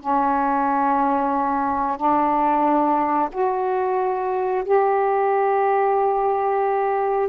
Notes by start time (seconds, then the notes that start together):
0.00 C#4
1.97 D4
3.32 F#4
4.65 G4